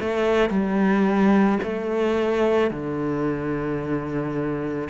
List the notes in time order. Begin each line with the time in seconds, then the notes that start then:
0.00 A3
0.50 G3
1.63 A3
2.71 D3